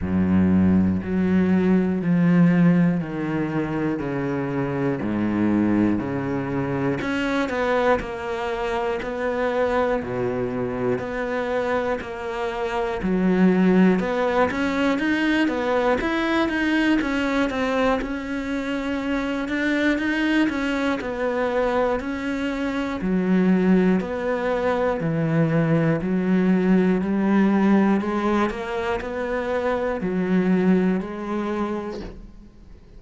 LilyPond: \new Staff \with { instrumentName = "cello" } { \time 4/4 \tempo 4 = 60 fis,4 fis4 f4 dis4 | cis4 gis,4 cis4 cis'8 b8 | ais4 b4 b,4 b4 | ais4 fis4 b8 cis'8 dis'8 b8 |
e'8 dis'8 cis'8 c'8 cis'4. d'8 | dis'8 cis'8 b4 cis'4 fis4 | b4 e4 fis4 g4 | gis8 ais8 b4 fis4 gis4 | }